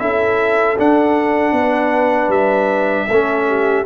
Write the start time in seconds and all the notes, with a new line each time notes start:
0.00 C#4 E4 A4 E5
0.79 D4 F#5
1.52 B3
1.59 B4
2.29 G3 E5
3.08 A3 C#4 A4
3.48 G4